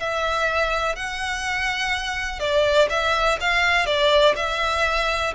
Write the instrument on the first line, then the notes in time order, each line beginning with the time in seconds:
violin
0.00 E5
0.96 F#5
2.40 D5
2.90 E5
3.41 F5
3.86 D5
4.36 E5